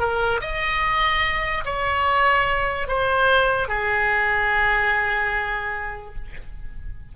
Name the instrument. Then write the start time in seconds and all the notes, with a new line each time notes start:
oboe
0.00 A#4
0.41 D#5
1.66 C#5
2.88 C5
3.69 G#4